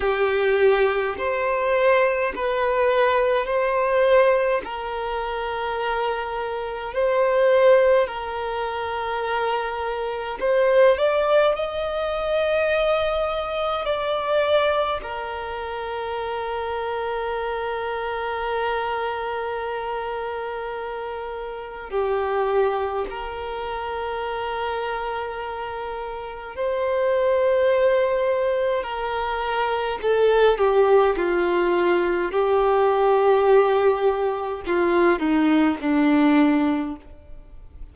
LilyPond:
\new Staff \with { instrumentName = "violin" } { \time 4/4 \tempo 4 = 52 g'4 c''4 b'4 c''4 | ais'2 c''4 ais'4~ | ais'4 c''8 d''8 dis''2 | d''4 ais'2.~ |
ais'2. g'4 | ais'2. c''4~ | c''4 ais'4 a'8 g'8 f'4 | g'2 f'8 dis'8 d'4 | }